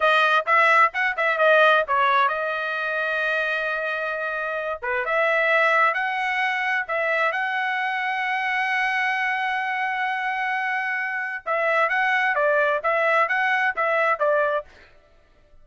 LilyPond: \new Staff \with { instrumentName = "trumpet" } { \time 4/4 \tempo 4 = 131 dis''4 e''4 fis''8 e''8 dis''4 | cis''4 dis''2.~ | dis''2~ dis''8 b'8 e''4~ | e''4 fis''2 e''4 |
fis''1~ | fis''1~ | fis''4 e''4 fis''4 d''4 | e''4 fis''4 e''4 d''4 | }